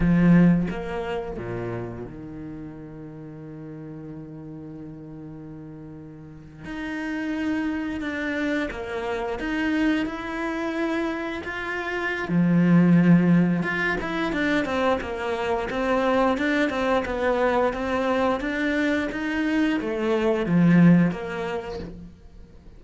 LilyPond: \new Staff \with { instrumentName = "cello" } { \time 4/4 \tempo 4 = 88 f4 ais4 ais,4 dis4~ | dis1~ | dis4.~ dis16 dis'2 d'16~ | d'8. ais4 dis'4 e'4~ e'16~ |
e'8. f'4~ f'16 f2 | f'8 e'8 d'8 c'8 ais4 c'4 | d'8 c'8 b4 c'4 d'4 | dis'4 a4 f4 ais4 | }